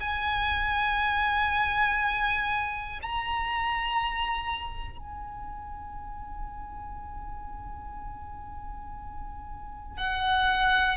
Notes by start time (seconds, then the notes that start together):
0.00 G#5
3.02 A#5
4.98 G#5
9.97 F#5